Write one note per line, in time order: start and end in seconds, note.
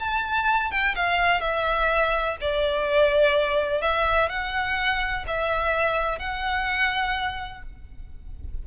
0.00 0.71 A5
0.71 0.95 G5
0.96 1.41 F5
1.41 2.37 E5
2.41 3.82 D5
3.82 4.29 E5
4.29 5.25 F#5
5.28 6.19 E5
6.19 7.63 F#5